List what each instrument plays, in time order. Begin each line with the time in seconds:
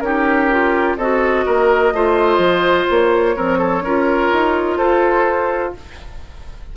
0.00 bassoon C#4, clarinet D#4, oboe G4, flute A#4
0.51 clarinet F4
0.97 bassoon C4, clarinet F#4, oboe A4, flute D#5
1.46 bassoon A#3, oboe A#4
1.93 bassoon A3, clarinet F4, oboe C5
2.38 bassoon F3
2.90 bassoon A#3, flute C#5
3.36 clarinet F3, bassoon C4, oboe A#4
3.59 oboe A4
3.81 bassoon C#4, clarinet F4, oboe A#4
4.33 bassoon D#4
4.77 bassoon F4, oboe A4, flute C5